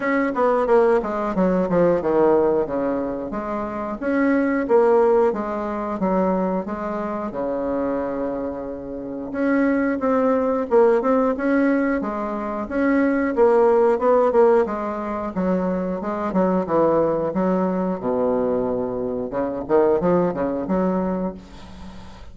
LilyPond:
\new Staff \with { instrumentName = "bassoon" } { \time 4/4 \tempo 4 = 90 cis'8 b8 ais8 gis8 fis8 f8 dis4 | cis4 gis4 cis'4 ais4 | gis4 fis4 gis4 cis4~ | cis2 cis'4 c'4 |
ais8 c'8 cis'4 gis4 cis'4 | ais4 b8 ais8 gis4 fis4 | gis8 fis8 e4 fis4 b,4~ | b,4 cis8 dis8 f8 cis8 fis4 | }